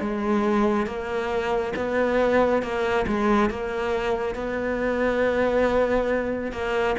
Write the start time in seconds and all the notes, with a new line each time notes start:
0.00 G#3
0.86 A#3
1.76 B3
2.62 A#3
3.07 G#3
3.50 A#3
4.34 B3
6.52 A#3